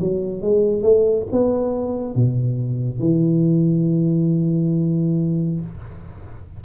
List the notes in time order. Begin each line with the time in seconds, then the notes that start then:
0.00 F#3
0.42 G#3
0.83 A3
1.32 B3
2.15 B2
3.00 E3